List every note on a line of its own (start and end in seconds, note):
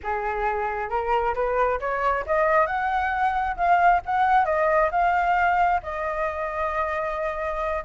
0.03 0.89 G#4
0.89 1.34 A#4
1.35 1.79 B4
1.80 2.24 C#5
2.26 2.66 D#5
2.66 3.56 F#5
3.56 4.01 F5
4.05 4.45 F#5
4.45 4.89 D#5
4.91 5.80 F5
5.82 7.84 D#5